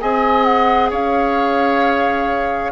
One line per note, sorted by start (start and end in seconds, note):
0.00 0.91 C4
0.00 2.72 G#4
0.00 0.90 D#5
0.00 0.44 G#5
0.44 0.89 F#5
0.90 2.72 C#4
0.90 2.71 C#5
0.90 2.72 F5